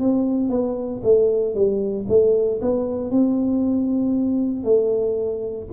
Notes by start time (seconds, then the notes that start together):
0.00 C4
0.50 B3
1.04 A3
1.55 G3
2.09 A3
2.61 B3
3.11 C4
4.64 A3